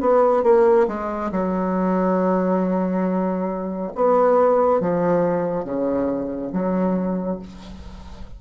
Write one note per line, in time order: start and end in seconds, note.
0.00 0.43 B3
0.43 0.87 A#3
0.87 1.31 G#3
1.31 3.92 F#3
3.95 4.80 B3
4.80 5.64 F3
5.64 6.51 C#3
6.52 7.39 F#3